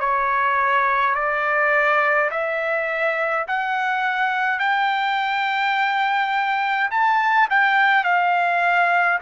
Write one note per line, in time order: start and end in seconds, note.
0.00 1.14 C#5
1.14 2.30 D5
2.31 3.46 E5
3.48 4.59 F#5
4.59 6.90 G5
6.91 7.48 A5
7.50 8.03 G5
8.03 9.19 F5